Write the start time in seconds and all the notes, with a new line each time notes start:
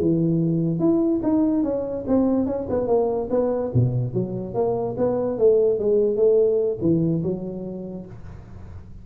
0.00 E3
0.80 E4
1.23 D#4
1.64 C#4
2.08 C4
2.47 C#4
2.70 B3
2.87 A#3
3.30 B3
3.74 B2
4.14 F#3
4.54 A#3
4.98 B3
5.39 A3
5.79 G#3
6.17 A3
6.82 E3
7.23 F#3